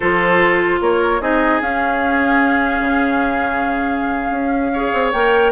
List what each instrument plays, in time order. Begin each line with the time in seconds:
0.00 bassoon F3, clarinet F4, oboe A4, flute C5
0.80 bassoon A#3, oboe A#4, flute C#5
1.20 bassoon C4, clarinet D#4, oboe G#4, flute D#5
1.60 bassoon C#4, clarinet C#4, flute F5
2.80 bassoon C#3
4.30 bassoon C#4
4.72 clarinet G#4, oboe C#5
4.93 bassoon C4
5.12 bassoon A#3, clarinet A#4, flute G5